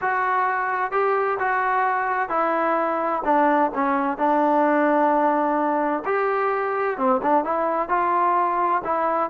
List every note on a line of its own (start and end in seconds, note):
0.01 0.91 F#4
0.91 1.38 G4
1.39 2.29 F#4
2.29 3.22 E4
3.24 3.71 D4
3.74 4.17 C#4
4.17 6.03 D4
6.05 6.97 G4
6.97 7.20 C4
7.22 7.44 D4
7.44 7.89 E4
7.89 8.82 F4
8.84 9.29 E4